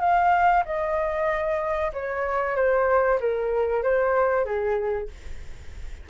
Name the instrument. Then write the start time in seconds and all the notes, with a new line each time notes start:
flute
0.00 F5
0.65 D#5
1.93 C#5
2.56 C5
3.20 A#4
3.83 C5
4.45 G#4